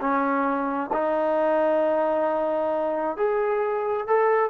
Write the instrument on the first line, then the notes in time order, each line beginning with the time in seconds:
trombone
0.00 C#4
0.92 D#4
3.17 G#4
4.07 A4